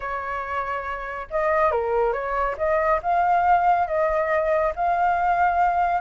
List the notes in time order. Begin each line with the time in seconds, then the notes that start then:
0.00 C#5
1.30 D#5
1.71 A#4
2.13 C#5
2.57 D#5
3.02 F5
3.87 D#5
4.75 F5